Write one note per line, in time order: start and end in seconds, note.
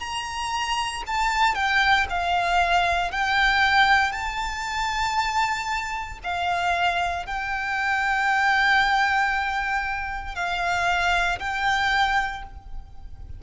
0.00 1.03 A#5
1.07 1.55 A5
1.55 2.07 G5
2.10 3.12 F5
3.12 4.12 G5
4.12 6.19 A5
6.24 7.26 F5
7.26 10.36 G5
10.36 11.39 F5
11.40 12.43 G5